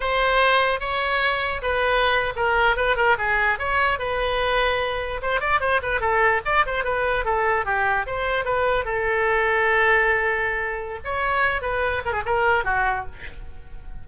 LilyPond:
\new Staff \with { instrumentName = "oboe" } { \time 4/4 \tempo 4 = 147 c''2 cis''2 | b'4.~ b'16 ais'4 b'8 ais'8 gis'16~ | gis'8. cis''4 b'2~ b'16~ | b'8. c''8 d''8 c''8 b'8 a'4 d''16~ |
d''16 c''8 b'4 a'4 g'4 c''16~ | c''8. b'4 a'2~ a'16~ | a'2. cis''4~ | cis''8 b'4 ais'16 gis'16 ais'4 fis'4 | }